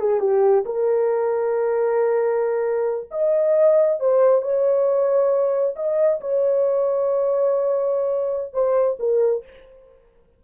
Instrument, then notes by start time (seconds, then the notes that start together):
horn
0.00 G#4
0.20 G4
0.66 A#4
3.11 D#5
4.00 C5
4.42 C#5
5.76 D#5
6.21 C#5
8.54 C5
9.00 A#4